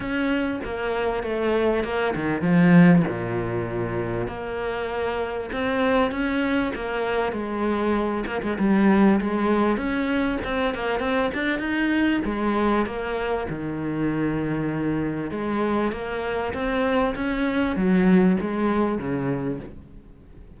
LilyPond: \new Staff \with { instrumentName = "cello" } { \time 4/4 \tempo 4 = 98 cis'4 ais4 a4 ais8 dis8 | f4 ais,2 ais4~ | ais4 c'4 cis'4 ais4 | gis4. ais16 gis16 g4 gis4 |
cis'4 c'8 ais8 c'8 d'8 dis'4 | gis4 ais4 dis2~ | dis4 gis4 ais4 c'4 | cis'4 fis4 gis4 cis4 | }